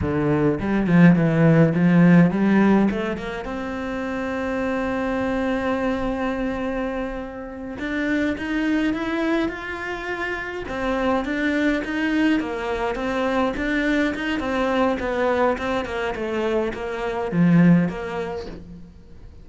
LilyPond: \new Staff \with { instrumentName = "cello" } { \time 4/4 \tempo 4 = 104 d4 g8 f8 e4 f4 | g4 a8 ais8 c'2~ | c'1~ | c'4. d'4 dis'4 e'8~ |
e'8 f'2 c'4 d'8~ | d'8 dis'4 ais4 c'4 d'8~ | d'8 dis'8 c'4 b4 c'8 ais8 | a4 ais4 f4 ais4 | }